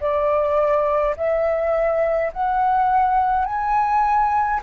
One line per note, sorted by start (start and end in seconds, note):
0.00 1.15 D5
1.16 2.31 E5
2.32 3.45 F#5
3.45 4.60 G#5